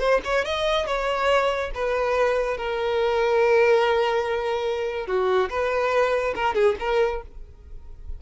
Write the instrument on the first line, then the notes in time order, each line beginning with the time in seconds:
violin
0.00 C5
0.25 C#5
0.45 D#5
0.87 C#5
1.75 B4
2.58 A#4
5.07 F#4
5.50 B4
6.36 A#4
6.55 G#4
6.80 A#4